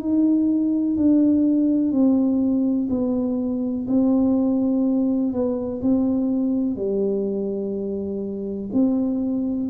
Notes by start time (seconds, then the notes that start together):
0.00 D#4
0.97 D4
1.92 C4
2.90 B3
3.88 C4
5.33 B3
5.82 C4
6.77 G3
8.73 C4